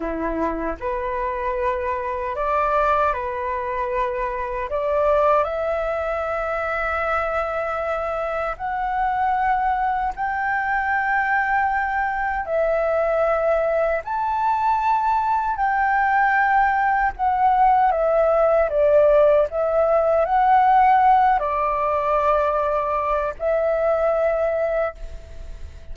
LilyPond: \new Staff \with { instrumentName = "flute" } { \time 4/4 \tempo 4 = 77 e'4 b'2 d''4 | b'2 d''4 e''4~ | e''2. fis''4~ | fis''4 g''2. |
e''2 a''2 | g''2 fis''4 e''4 | d''4 e''4 fis''4. d''8~ | d''2 e''2 | }